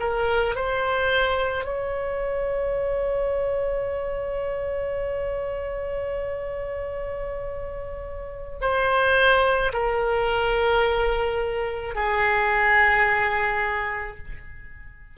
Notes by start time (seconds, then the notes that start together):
0.00 A#4
0.56 C5
1.65 C#5
8.61 C5
9.73 A#4
11.95 G#4